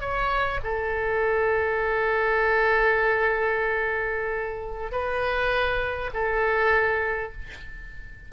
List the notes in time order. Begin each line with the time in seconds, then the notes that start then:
0.00 C#5
0.63 A4
4.91 B4
6.13 A4